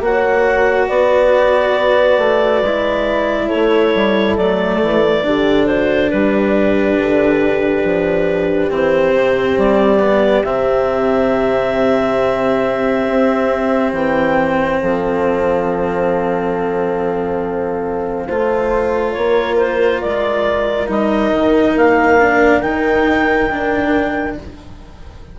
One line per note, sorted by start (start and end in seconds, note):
0.00 0.87 A#3
0.00 2.63 F#4
0.00 0.88 C#5
0.00 0.88 F#5
0.88 2.18 B3
0.88 3.47 B4
0.88 3.48 D5
2.18 2.61 A3
2.61 3.48 G#3
2.61 4.38 E4
3.47 5.20 A4
3.47 4.35 C#5
3.54 3.94 A3
3.94 4.37 G3
4.37 4.81 F#3
4.37 5.23 A3
4.37 5.66 D5
4.82 5.25 E3
5.23 6.12 D3
5.23 8.70 D4
5.23 5.67 G4
5.66 6.10 F#4
5.66 6.10 C5
6.10 6.98 G3
6.10 14.80 G4
6.10 8.71 B4
6.98 7.83 D3
7.83 8.70 F3
8.70 9.14 E3
8.70 9.99 C4
8.70 9.58 C5
9.14 9.57 C3
9.57 10.44 G3
9.57 10.44 D5
9.99 10.43 B3
10.44 13.06 C3
10.44 18.28 C4
10.44 13.92 E5
13.07 13.92 C4
13.92 14.79 E3
13.92 14.79 G5
14.79 18.30 F3
14.79 18.27 A4
14.79 19.11 F5
18.27 19.16 A3
18.27 20.87 F4
18.27 19.14 C5
19.11 20.03 A#3
19.11 24.39 A#4
19.11 19.55 C#5
19.57 20.00 C5
20.01 20.88 G#3
20.01 20.88 D5
20.87 21.32 G3
20.87 22.17 D#4
20.87 21.77 D#5
21.32 21.75 D#3
21.76 22.62 A#3
21.76 22.61 F5
22.19 22.63 D4
22.61 24.36 D#3
22.61 23.50 D#4
22.61 24.35 G5
23.50 24.37 D4